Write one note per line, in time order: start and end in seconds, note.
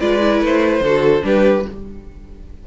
0.00 0.41 G#3
0.00 0.20 F4
0.00 0.83 B4
0.00 0.41 D5
0.20 0.82 E4
0.41 0.81 A3
0.41 1.26 C5
0.81 1.22 D3
0.81 1.22 F#4
0.81 1.24 A4
1.22 1.65 G3
1.22 1.63 D4
1.22 1.67 G4
1.22 1.67 B4